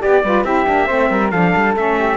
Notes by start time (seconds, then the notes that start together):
0.00 B3 G4 D5
0.24 G3 F4 B4
0.44 C4 E4 G4 E5
0.66 A#3 D4
0.87 A3 C4 C5
1.10 G3 A#4
1.31 F3 D4 A4 F5
1.56 G3
1.76 A3 C#4 E5
1.99 G4